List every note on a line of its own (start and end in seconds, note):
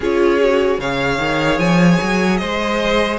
0.00 0.78 C#4
0.00 0.40 F4
0.00 0.79 G#4
0.00 0.80 C#5
0.40 0.80 F#4
0.78 1.18 C#3
0.78 3.18 G#4
0.78 2.39 C#5
0.78 1.59 F5
1.18 1.58 D#3
1.58 1.98 F3
1.58 2.37 G#5
2.02 2.41 F#3
2.37 3.18 G#3
2.37 3.18 C5
2.37 3.17 D#5